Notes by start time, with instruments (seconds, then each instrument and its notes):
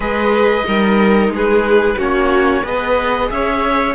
0.00 cello G#3, viola G#4, violin B4, oboe D#5
0.64 cello G3, viola D#4, violin A#4
1.29 cello G#3, violin G#4
1.35 oboe B4
1.97 cello A#3, viola C#4, violin F#4, oboe C#5
2.62 cello B3, viola G#4, violin B4, oboe D#5
3.30 cello C#4, violin C#5, oboe E5